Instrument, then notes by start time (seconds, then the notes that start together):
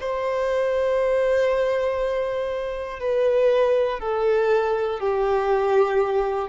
violin
0.00 C5
2.99 B4
3.99 A4
4.99 G4